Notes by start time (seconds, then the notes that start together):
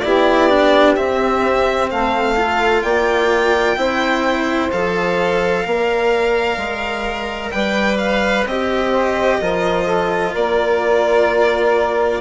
0.00 B3 E4 G4 D5
0.51 D4
0.96 C4 E5
1.90 A3 A4 F5
2.36 F4
2.83 A#3 D5 G5
3.77 C4 E4 C5
4.72 F3 A4 F5
5.65 A#3 A#4 D5
6.58 G#3
7.51 G3 B4 G5
7.98 F5
8.46 C4 G4 D#5
8.92 C5
9.41 F3 F4 A#4
9.85 A4
10.33 A#3 A#4 D5